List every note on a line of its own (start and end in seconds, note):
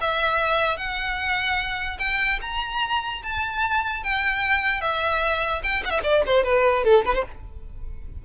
0.00 0.77 E5
0.77 1.97 F#5
1.99 2.39 G5
2.41 3.22 A#5
3.23 4.03 A5
4.03 4.81 G5
4.81 5.61 E5
5.63 5.83 G5
5.84 6.00 E5
5.84 5.90 F#5
6.03 6.23 D5
6.26 6.44 C5
6.44 6.84 B4
6.84 7.04 A4
7.05 7.14 B4
7.14 7.24 C5